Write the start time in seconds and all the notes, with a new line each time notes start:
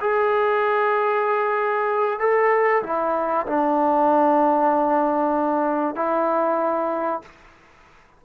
0.00 G#4
2.19 A4
2.83 E4
3.46 D4
5.95 E4